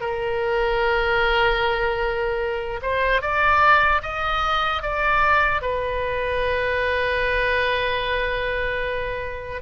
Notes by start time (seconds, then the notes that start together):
0.00 A#4
2.82 C5
3.21 D5
4.02 D#5
4.82 D5
5.61 B4